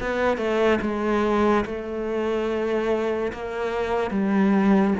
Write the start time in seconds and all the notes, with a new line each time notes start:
0.00 B3
0.37 A3
0.81 G#3
1.66 A3
3.33 A#3
4.11 G3